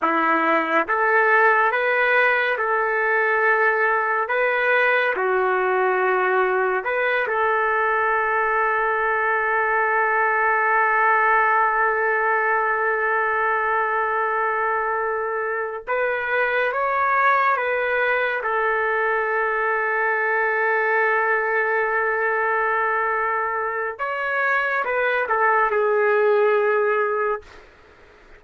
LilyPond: \new Staff \with { instrumentName = "trumpet" } { \time 4/4 \tempo 4 = 70 e'4 a'4 b'4 a'4~ | a'4 b'4 fis'2 | b'8 a'2.~ a'8~ | a'1~ |
a'2~ a'8 b'4 cis''8~ | cis''8 b'4 a'2~ a'8~ | a'1 | cis''4 b'8 a'8 gis'2 | }